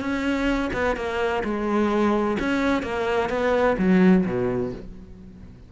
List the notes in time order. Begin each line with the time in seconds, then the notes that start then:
0.00 C#4
0.73 B3
0.96 A#3
1.44 G#3
2.39 C#4
2.83 A#3
3.29 B3
3.78 F#3
4.25 B2